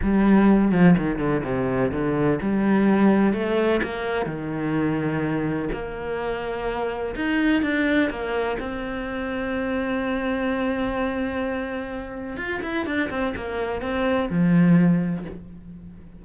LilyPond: \new Staff \with { instrumentName = "cello" } { \time 4/4 \tempo 4 = 126 g4. f8 dis8 d8 c4 | d4 g2 a4 | ais4 dis2. | ais2. dis'4 |
d'4 ais4 c'2~ | c'1~ | c'2 f'8 e'8 d'8 c'8 | ais4 c'4 f2 | }